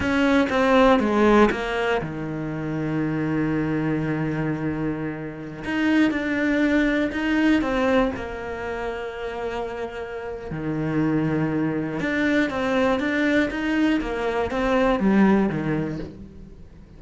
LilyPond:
\new Staff \with { instrumentName = "cello" } { \time 4/4 \tempo 4 = 120 cis'4 c'4 gis4 ais4 | dis1~ | dis2.~ dis16 dis'8.~ | dis'16 d'2 dis'4 c'8.~ |
c'16 ais2.~ ais8.~ | ais4 dis2. | d'4 c'4 d'4 dis'4 | ais4 c'4 g4 dis4 | }